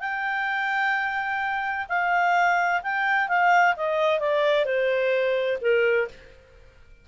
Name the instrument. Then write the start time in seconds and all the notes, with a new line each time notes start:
clarinet
0.00 G5
1.89 F5
2.82 G5
3.28 F5
3.76 D#5
4.19 D5
4.65 C5
5.61 A#4